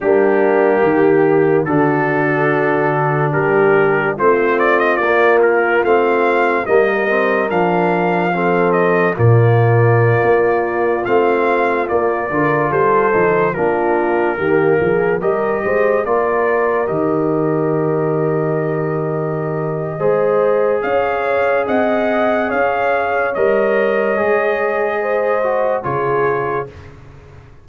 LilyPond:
<<
  \new Staff \with { instrumentName = "trumpet" } { \time 4/4 \tempo 4 = 72 g'2 a'2 | ais'4 c''8 d''16 dis''16 d''8 ais'8 f''4 | dis''4 f''4. dis''8 d''4~ | d''4~ d''16 f''4 d''4 c''8.~ |
c''16 ais'2 dis''4 d''8.~ | d''16 dis''2.~ dis''8.~ | dis''4 f''4 fis''4 f''4 | dis''2. cis''4 | }
  \new Staff \with { instrumentName = "horn" } { \time 4/4 d'4 g'4 fis'2 | g'4 f'2. | ais'2 a'4 f'4~ | f'2~ f'8. ais'8 a'8.~ |
a'16 f'4 g'8 gis'8 ais'8 c''8 ais'8.~ | ais'1 | c''4 cis''4 dis''4 cis''4~ | cis''2 c''4 gis'4 | }
  \new Staff \with { instrumentName = "trombone" } { \time 4/4 ais2 d'2~ | d'4 c'4 ais4 c'4 | ais8 c'8 d'4 c'4 ais4~ | ais4~ ais16 c'4 ais8 f'4 dis'16~ |
dis'16 d'4 ais4 g'4 f'8.~ | f'16 g'2.~ g'8. | gis'1 | ais'4 gis'4. fis'8 f'4 | }
  \new Staff \with { instrumentName = "tuba" } { \time 4/4 g4 dis4 d2 | g4 a4 ais4 a4 | g4 f2 ais,4~ | ais,16 ais4 a4 ais8 d8 g8 f16~ |
f16 ais4 dis8 f8 g8 gis8 ais8.~ | ais16 dis2.~ dis8. | gis4 cis'4 c'4 cis'4 | g4 gis2 cis4 | }
>>